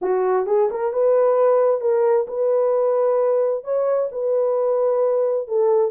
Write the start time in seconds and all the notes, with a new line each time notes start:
0.01 F#4
0.46 G#4
0.70 A#4
0.92 B4
1.81 A#4
2.27 B4
3.63 C#5
4.11 B4
5.47 A4